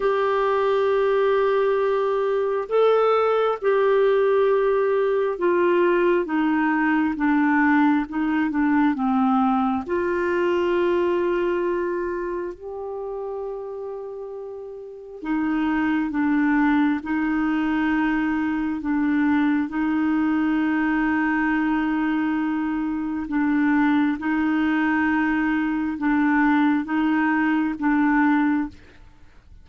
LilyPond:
\new Staff \with { instrumentName = "clarinet" } { \time 4/4 \tempo 4 = 67 g'2. a'4 | g'2 f'4 dis'4 | d'4 dis'8 d'8 c'4 f'4~ | f'2 g'2~ |
g'4 dis'4 d'4 dis'4~ | dis'4 d'4 dis'2~ | dis'2 d'4 dis'4~ | dis'4 d'4 dis'4 d'4 | }